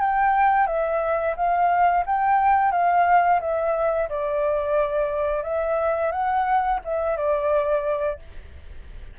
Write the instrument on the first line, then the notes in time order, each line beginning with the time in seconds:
flute
0.00 G5
0.66 E5
1.36 F5
2.05 G5
2.71 F5
3.40 E5
4.09 D5
5.43 E5
6.11 F#5
6.84 E5
7.17 D5